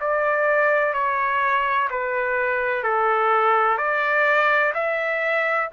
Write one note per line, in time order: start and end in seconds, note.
0.00 0.93 D5
0.93 1.88 C#5
1.90 2.83 B4
2.83 3.77 A4
3.77 4.73 D5
4.74 5.69 E5